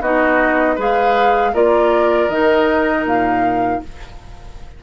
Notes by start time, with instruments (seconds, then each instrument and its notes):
0.00 bassoon B3, clarinet D#4, oboe F#4, flute D#5
0.75 bassoon G#3, clarinet G#4, oboe B4, flute F5
1.53 bassoon A#3, clarinet F4, oboe A#4, flute D5
2.28 bassoon D#3, clarinet D#4, flute D#5
3.04 bassoon A#2, flute F5